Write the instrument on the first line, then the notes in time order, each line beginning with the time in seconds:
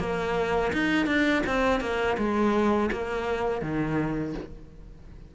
cello
0.00 A#3
0.73 D#4
1.07 D4
1.47 C4
1.81 A#3
2.18 G#3
2.92 A#3
3.62 D#3